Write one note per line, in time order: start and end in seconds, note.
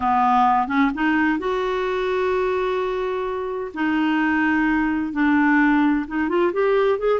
0.00 0.67 B3
0.67 0.90 C#4
0.94 1.38 D#4
1.38 3.71 F#4
3.73 5.12 D#4
5.12 6.05 D4
6.07 6.28 D#4
6.28 6.52 F4
6.52 6.99 G4
6.99 7.19 G#4